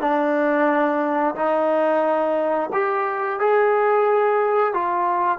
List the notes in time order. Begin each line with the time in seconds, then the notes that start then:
0.00 D4
1.35 D#4
2.73 G4
3.40 G#4
4.74 F4